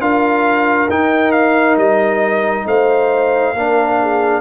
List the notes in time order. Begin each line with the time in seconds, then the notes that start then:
0.00 D4 F4 A#4 F5
0.89 D#4 G5
1.31 F5
1.76 G3 D#5
2.65 A3 C5 F5
3.53 A#3 D4 A#4
4.01 G#4